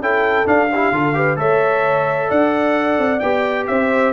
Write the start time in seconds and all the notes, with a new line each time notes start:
0.00 C#4 E4 A4 G5
0.46 D4 F5
0.74 E4 G4
0.92 D3 F4 A4
1.15 G4 B4
1.37 A3 A4 C#5 E5
2.29 D4 D5 F#5
2.98 C4
3.20 B3 G4 G5
3.67 C4 C5 E5